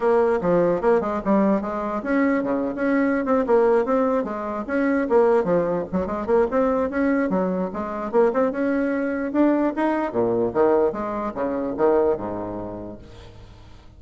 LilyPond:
\new Staff \with { instrumentName = "bassoon" } { \time 4/4 \tempo 4 = 148 ais4 f4 ais8 gis8 g4 | gis4 cis'4 cis8. cis'4~ cis'16 | c'8 ais4 c'4 gis4 cis'8~ | cis'8 ais4 f4 fis8 gis8 ais8 |
c'4 cis'4 fis4 gis4 | ais8 c'8 cis'2 d'4 | dis'4 ais,4 dis4 gis4 | cis4 dis4 gis,2 | }